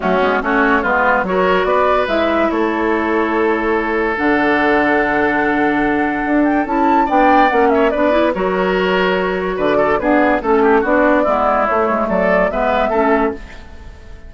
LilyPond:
<<
  \new Staff \with { instrumentName = "flute" } { \time 4/4 \tempo 4 = 144 fis'4 cis''4 b'4 cis''4 | d''4 e''4 cis''2~ | cis''2 fis''2~ | fis''2.~ fis''8 g''8 |
a''4 g''4 fis''8 e''8 d''4 | cis''2. d''4 | b'4 a'4 d''2 | cis''4 d''4 e''2 | }
  \new Staff \with { instrumentName = "oboe" } { \time 4/4 cis'4 fis'4 f'4 ais'4 | b'2 a'2~ | a'1~ | a'1~ |
a'4 d''4. cis''8 b'4 | ais'2. b'8 a'8 | gis'4 a'8 g'8 fis'4 e'4~ | e'4 a'4 b'4 a'4 | }
  \new Staff \with { instrumentName = "clarinet" } { \time 4/4 a8 b8 cis'4 b4 fis'4~ | fis'4 e'2.~ | e'2 d'2~ | d'1 |
e'4 d'4 cis'4 d'8 e'8 | fis'1 | b4 cis'4 d'4 b4 | a2 b4 cis'4 | }
  \new Staff \with { instrumentName = "bassoon" } { \time 4/4 fis8 gis8 a4 gis4 fis4 | b4 gis4 a2~ | a2 d2~ | d2. d'4 |
cis'4 b4 ais4 b4 | fis2. d4 | d'4 a4 b4 gis4 | a8 gis8 fis4 gis4 a4 | }
>>